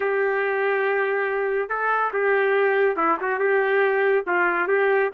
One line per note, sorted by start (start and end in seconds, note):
0.00 1.69 G4
1.69 2.11 A4
2.13 2.96 G4
2.96 3.17 E4
3.20 3.39 F#4
3.39 4.24 G4
4.27 4.67 F4
4.67 5.10 G4